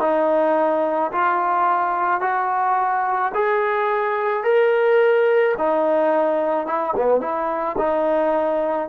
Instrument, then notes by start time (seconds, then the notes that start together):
trombone
0.00 D#4
1.12 F4
2.21 F#4
3.34 G#4
4.43 A#4
5.58 D#4
6.66 E4
6.96 B3
7.20 E4
7.78 D#4